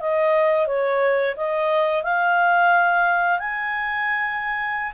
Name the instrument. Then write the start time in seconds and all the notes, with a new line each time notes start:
clarinet
0.00 D#5
0.67 C#5
1.36 D#5
2.03 F5
3.39 G#5